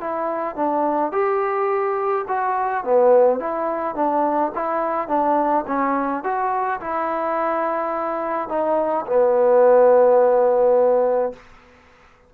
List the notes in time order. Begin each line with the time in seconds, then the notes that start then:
0.00 E4
0.55 D4
1.12 G4
2.27 F#4
2.84 B3
3.39 E4
3.95 D4
4.54 E4
5.08 D4
5.67 C#4
6.23 F#4
6.80 E4
8.48 D#4
9.06 B3